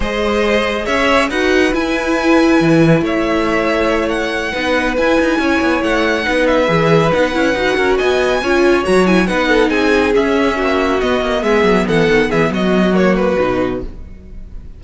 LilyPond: <<
  \new Staff \with { instrumentName = "violin" } { \time 4/4 \tempo 4 = 139 dis''2 e''4 fis''4 | gis''2. e''4~ | e''4. fis''2 gis''8~ | gis''4. fis''4. e''4~ |
e''8 fis''2 gis''4.~ | gis''8 ais''8 gis''8 fis''4 gis''4 e''8~ | e''4. dis''4 e''4 fis''8~ | fis''8 e''8 dis''4 cis''8 b'4. | }
  \new Staff \with { instrumentName = "violin" } { \time 4/4 c''2 cis''4 b'4~ | b'2. cis''4~ | cis''2~ cis''8 b'4.~ | b'8 cis''2 b'4.~ |
b'2 ais'8 dis''4 cis''8~ | cis''4. b'8 a'8 gis'4.~ | gis'8 fis'2 gis'4 a'8~ | a'8 gis'8 fis'2. | }
  \new Staff \with { instrumentName = "viola" } { \time 4/4 gis'2. fis'4 | e'1~ | e'2~ e'8 dis'4 e'8~ | e'2~ e'8 dis'4 gis'8~ |
gis'8 dis'8 e'8 fis'2 f'8~ | f'8 fis'8 e'8 dis'2 cis'8~ | cis'4. b2~ b8~ | b2 ais4 dis'4 | }
  \new Staff \with { instrumentName = "cello" } { \time 4/4 gis2 cis'4 dis'4 | e'2 e4 a4~ | a2~ a8 b4 e'8 | dis'8 cis'8 b8 a4 b4 e8~ |
e8 b8 cis'8 dis'8 cis'8 b4 cis'8~ | cis'8 fis4 b4 c'4 cis'8~ | cis'8 ais4 b8 ais8 gis8 fis8 e8 | dis8 e8 fis2 b,4 | }
>>